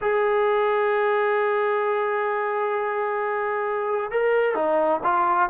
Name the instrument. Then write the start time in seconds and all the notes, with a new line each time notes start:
trombone
0.01 G#4
4.11 A#4
4.54 D#4
5.03 F4